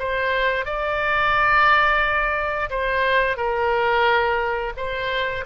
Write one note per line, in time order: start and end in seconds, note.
0.00 0.66 C5
0.66 2.70 D5
2.71 3.37 C5
3.37 4.74 A#4
4.77 5.45 C5